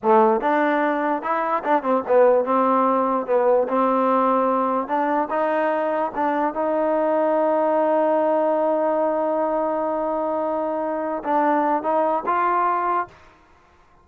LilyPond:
\new Staff \with { instrumentName = "trombone" } { \time 4/4 \tempo 4 = 147 a4 d'2 e'4 | d'8 c'8 b4 c'2 | b4 c'2. | d'4 dis'2 d'4 |
dis'1~ | dis'1~ | dis'2.~ dis'8 d'8~ | d'4 dis'4 f'2 | }